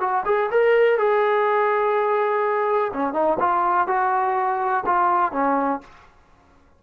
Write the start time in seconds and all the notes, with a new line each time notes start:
0.00 F#4
0.26 G#4
0.51 A#4
0.98 G#4
2.93 C#4
3.13 D#4
3.40 F4
3.87 F#4
4.86 F4
5.32 C#4